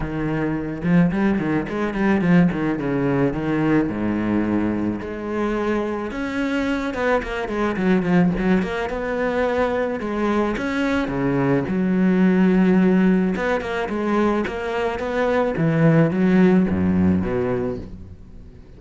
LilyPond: \new Staff \with { instrumentName = "cello" } { \time 4/4 \tempo 4 = 108 dis4. f8 g8 dis8 gis8 g8 | f8 dis8 cis4 dis4 gis,4~ | gis,4 gis2 cis'4~ | cis'8 b8 ais8 gis8 fis8 f8 fis8 ais8 |
b2 gis4 cis'4 | cis4 fis2. | b8 ais8 gis4 ais4 b4 | e4 fis4 fis,4 b,4 | }